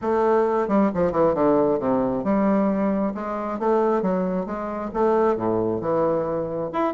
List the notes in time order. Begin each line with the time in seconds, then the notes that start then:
0.01 A3
0.68 G3
0.94 F3
1.12 E3
1.34 D3
1.79 C3
2.23 G3
3.14 G#3
3.59 A3
4.02 F#3
4.46 G#3
4.93 A3
5.36 A2
5.80 E3
6.72 E4